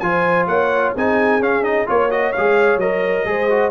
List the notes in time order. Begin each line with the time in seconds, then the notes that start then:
0.00 F3 F4 C5 G#5
0.47 A#3 C#5 F#5
0.95 C4 D#4 G#4 G#5
1.40 C#4 F5
1.63 D#4 D#5
1.87 A#3 F4 C#5
2.10 F#4 D#5
2.33 G#3 G#4 F5
2.77 F#3 A#4 D#5
3.25 G#3 G#4 C5
3.50 F#4